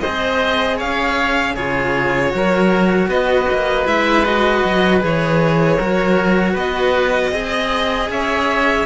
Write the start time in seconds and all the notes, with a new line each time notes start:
0.00 C4 G#4 C5 D#5
0.77 C#4 C#5 F5
1.55 C#3 F4 G#4 C#5
2.31 F#3 F#4 A#4
3.07 B3 B4 D#5
3.51 A#3
3.84 G#3 E4 E5
4.24 F#4 D#5
4.64 F#3
5.00 E3 G#4 C#5
5.77 F#3 F#4 A#4
6.53 B3 B4 D#5
7.31 C4 G#4 D#5
8.09 C#4 C#5 E5